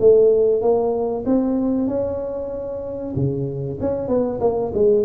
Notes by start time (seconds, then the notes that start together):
0.00 A3
0.62 A#3
1.26 C4
1.88 C#4
3.16 C#3
3.81 C#4
4.09 B3
4.41 A#3
4.75 G#3